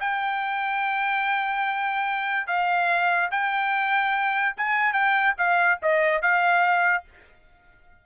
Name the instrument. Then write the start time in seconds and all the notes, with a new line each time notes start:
trumpet
0.00 G5
2.47 F5
3.31 G5
4.57 G#5
4.93 G5
5.38 F5
5.82 D#5
6.22 F5